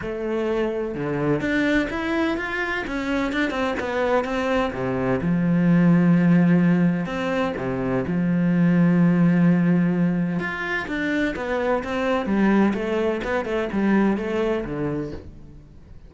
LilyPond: \new Staff \with { instrumentName = "cello" } { \time 4/4 \tempo 4 = 127 a2 d4 d'4 | e'4 f'4 cis'4 d'8 c'8 | b4 c'4 c4 f4~ | f2. c'4 |
c4 f2.~ | f2 f'4 d'4 | b4 c'4 g4 a4 | b8 a8 g4 a4 d4 | }